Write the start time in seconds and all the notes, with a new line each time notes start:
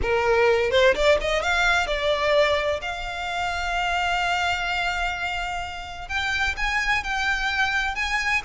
0.02 A#4
0.70 C5
0.95 D5
1.20 D#5
1.42 F5
1.86 D5
2.81 F5
6.08 G5
6.56 G#5
7.03 G5
7.95 G#5